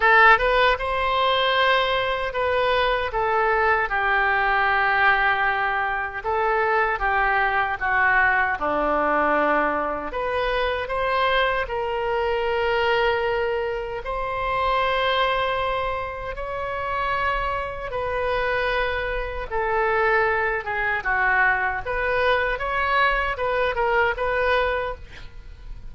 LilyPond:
\new Staff \with { instrumentName = "oboe" } { \time 4/4 \tempo 4 = 77 a'8 b'8 c''2 b'4 | a'4 g'2. | a'4 g'4 fis'4 d'4~ | d'4 b'4 c''4 ais'4~ |
ais'2 c''2~ | c''4 cis''2 b'4~ | b'4 a'4. gis'8 fis'4 | b'4 cis''4 b'8 ais'8 b'4 | }